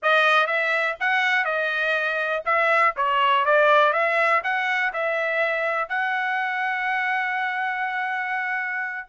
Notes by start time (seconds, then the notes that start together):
0.02 D#5
0.46 E5
0.99 F#5
1.44 D#5
2.45 E5
2.96 C#5
3.45 D5
3.92 E5
4.43 F#5
4.93 E5
5.88 F#5